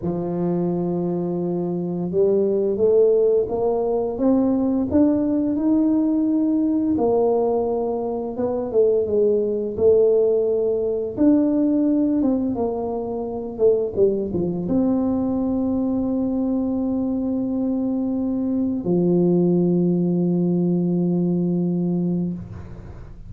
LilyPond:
\new Staff \with { instrumentName = "tuba" } { \time 4/4 \tempo 4 = 86 f2. g4 | a4 ais4 c'4 d'4 | dis'2 ais2 | b8 a8 gis4 a2 |
d'4. c'8 ais4. a8 | g8 f8 c'2.~ | c'2. f4~ | f1 | }